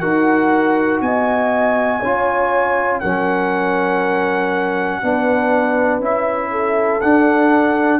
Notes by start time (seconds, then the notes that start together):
0.00 D#4 F#4 A#4 F#5
1.01 B3 D#5 G#5
2.00 C#4 F4 C#5
3.00 F#3 C#4 A#4 F#5
5.02 B3 D4 B4
5.99 C#4 E4 E5
6.51 A4
7.01 D4 F#5